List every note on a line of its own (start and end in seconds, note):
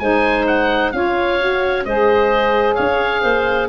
0.00 0.92 G#3
0.00 0.93 D#4
0.00 0.94 C5
0.00 0.46 G#5
0.47 0.92 F#5
0.92 1.86 C#4
0.92 1.40 F4
0.92 1.87 C#5
0.92 1.84 F5
1.40 1.86 F#4
1.85 2.78 G#3
1.85 3.69 G#4
1.85 2.75 C5
1.85 2.75 D#5
2.75 3.24 C#4
2.75 3.21 C#5
2.75 3.68 F5
3.22 3.69 A#3
3.22 3.68 C5